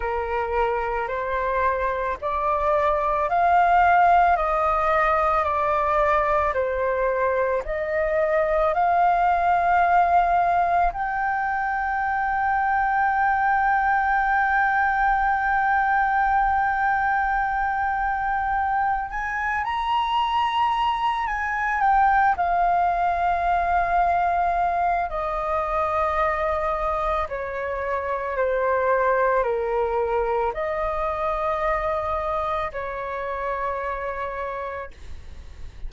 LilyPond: \new Staff \with { instrumentName = "flute" } { \time 4/4 \tempo 4 = 55 ais'4 c''4 d''4 f''4 | dis''4 d''4 c''4 dis''4 | f''2 g''2~ | g''1~ |
g''4. gis''8 ais''4. gis''8 | g''8 f''2~ f''8 dis''4~ | dis''4 cis''4 c''4 ais'4 | dis''2 cis''2 | }